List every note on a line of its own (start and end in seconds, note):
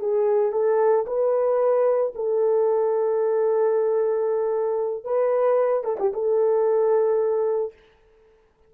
0.00 0.52 G#4
0.52 1.05 A4
1.07 2.13 B4
2.15 5.04 A4
5.04 5.84 B4
5.84 5.97 A4
6.00 6.13 G4
6.14 7.73 A4